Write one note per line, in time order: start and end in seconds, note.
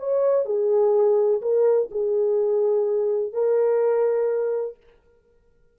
0.00 0.46 C#5
0.46 1.42 G#4
1.42 1.90 A#4
1.92 3.33 G#4
3.33 4.77 A#4